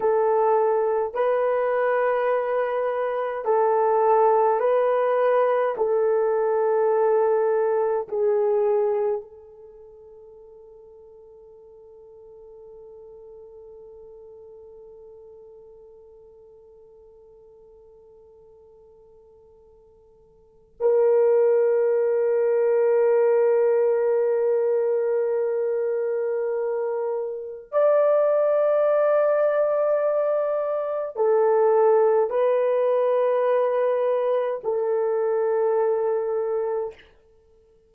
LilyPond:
\new Staff \with { instrumentName = "horn" } { \time 4/4 \tempo 4 = 52 a'4 b'2 a'4 | b'4 a'2 gis'4 | a'1~ | a'1~ |
a'2 ais'2~ | ais'1 | d''2. a'4 | b'2 a'2 | }